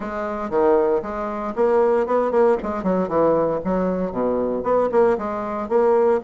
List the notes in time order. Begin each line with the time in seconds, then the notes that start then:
0.00 G#3
0.50 D#3
1.02 G#3
1.55 A#3
2.06 B3
2.31 A#3
2.62 G#3
2.83 F#3
3.08 E3
3.64 F#3
4.11 B2
4.63 B3
4.91 A#3
5.18 G#3
5.68 A#3